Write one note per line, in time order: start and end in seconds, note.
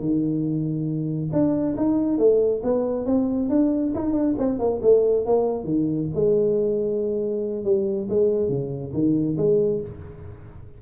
0.00 1.30 D#3
1.33 1.76 D4
1.77 2.18 D#4
2.18 2.62 A3
2.64 3.06 B3
3.06 3.50 C4
3.50 3.93 D4
3.95 4.13 D#4
4.13 4.35 D4
4.38 4.59 C4
4.59 4.81 A#3
4.82 5.26 A3
5.26 5.64 A#3
5.64 6.08 D#3
6.15 7.64 G#3
7.64 8.08 G3
8.10 8.49 G#3
8.49 8.92 C#3
8.93 9.37 D#3
9.38 9.81 G#3